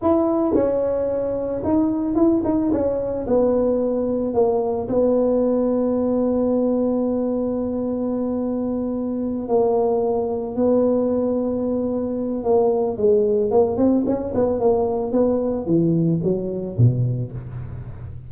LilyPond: \new Staff \with { instrumentName = "tuba" } { \time 4/4 \tempo 4 = 111 e'4 cis'2 dis'4 | e'8 dis'8 cis'4 b2 | ais4 b2.~ | b1~ |
b4. ais2 b8~ | b2. ais4 | gis4 ais8 c'8 cis'8 b8 ais4 | b4 e4 fis4 b,4 | }